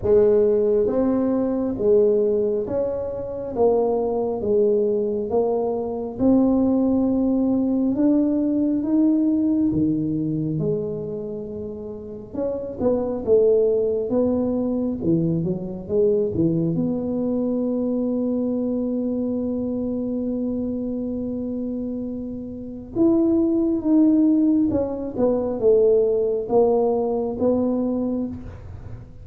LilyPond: \new Staff \with { instrumentName = "tuba" } { \time 4/4 \tempo 4 = 68 gis4 c'4 gis4 cis'4 | ais4 gis4 ais4 c'4~ | c'4 d'4 dis'4 dis4 | gis2 cis'8 b8 a4 |
b4 e8 fis8 gis8 e8 b4~ | b1~ | b2 e'4 dis'4 | cis'8 b8 a4 ais4 b4 | }